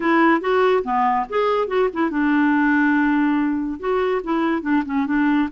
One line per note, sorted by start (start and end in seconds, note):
0.00 0.41 E4
0.41 0.83 F#4
0.83 1.26 B3
1.29 1.67 G#4
1.67 1.88 F#4
1.93 2.10 E4
2.10 3.79 D4
3.79 4.21 F#4
4.23 4.62 E4
4.62 4.83 D4
4.85 5.06 C#4
5.06 5.48 D4